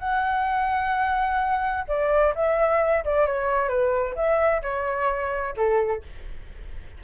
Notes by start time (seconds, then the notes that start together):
0.00 F#5
1.88 D5
2.36 E5
3.05 D5
3.27 C#5
3.69 B4
4.16 E5
4.63 C#5
5.57 A4